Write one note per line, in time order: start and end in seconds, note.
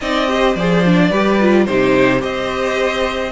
0.00 0.55 C4
0.00 0.27 D#4
0.00 0.29 D5
0.00 0.55 D#5
0.27 0.55 G4
0.27 1.08 C5
0.55 1.11 F3
0.55 0.85 G#4
0.55 1.65 D5
0.85 1.12 D4
1.08 1.67 G3
1.08 1.40 G4
1.08 1.64 B4
1.40 1.68 F4
1.65 2.23 C3
1.65 2.19 D#4
1.65 2.20 G4
1.65 2.21 C5
2.19 3.31 C4
2.19 3.30 G4
2.19 3.31 C5
2.19 3.31 D#5